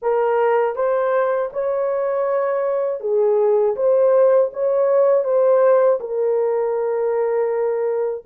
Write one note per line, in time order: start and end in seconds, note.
0.01 0.75 A#4
0.75 1.50 C5
1.52 3.00 C#5
3.00 3.75 G#4
3.75 4.50 C5
4.53 5.24 C#5
5.24 5.99 C5
6.00 8.25 A#4